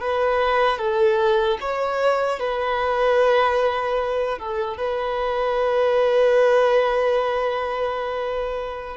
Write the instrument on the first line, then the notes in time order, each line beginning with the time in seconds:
violin
0.00 B4
0.78 A4
1.60 C#5
2.39 B4
4.39 A4
4.77 B4